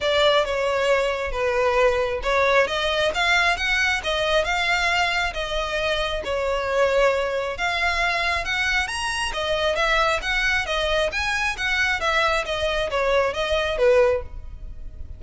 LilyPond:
\new Staff \with { instrumentName = "violin" } { \time 4/4 \tempo 4 = 135 d''4 cis''2 b'4~ | b'4 cis''4 dis''4 f''4 | fis''4 dis''4 f''2 | dis''2 cis''2~ |
cis''4 f''2 fis''4 | ais''4 dis''4 e''4 fis''4 | dis''4 gis''4 fis''4 e''4 | dis''4 cis''4 dis''4 b'4 | }